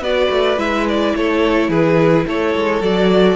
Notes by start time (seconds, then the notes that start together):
0.00 B3 F#4 B4 D5
0.31 A3
0.57 G#3 E4 E5
0.89 D5
1.16 A3 A4 C#5
1.69 E3 G#4 B4
2.27 A3 A4 C#5
2.56 G#3
2.82 F#3 F#4 D5